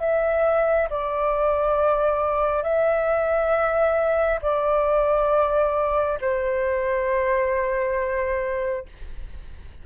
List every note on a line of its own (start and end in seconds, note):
0.00 0.88 E5
0.89 2.63 D5
2.63 4.39 E5
4.42 6.18 D5
6.21 8.86 C5